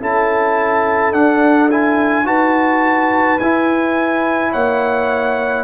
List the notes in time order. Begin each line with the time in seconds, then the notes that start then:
0.00 C#4 E4 A4 A5
1.13 D4 F#5
1.70 E4 G#5
2.24 D#4 F#4 B4 A5
3.39 E4 G#5
4.52 A#3 C#5 F#5